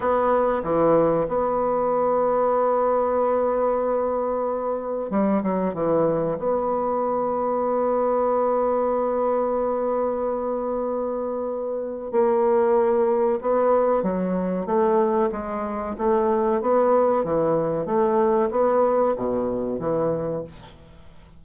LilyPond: \new Staff \with { instrumentName = "bassoon" } { \time 4/4 \tempo 4 = 94 b4 e4 b2~ | b1 | g8 fis8 e4 b2~ | b1~ |
b2. ais4~ | ais4 b4 fis4 a4 | gis4 a4 b4 e4 | a4 b4 b,4 e4 | }